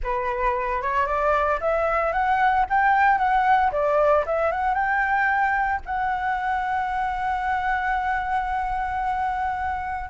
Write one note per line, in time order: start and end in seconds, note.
0.03 0.82 B4
0.82 1.06 C#5
1.06 1.59 D5
1.60 2.12 E5
2.12 2.65 F#5
2.69 3.17 G5
3.17 3.70 F#5
3.71 4.25 D5
4.26 4.51 E5
4.51 4.74 F#5
4.74 5.80 G5
5.86 10.10 F#5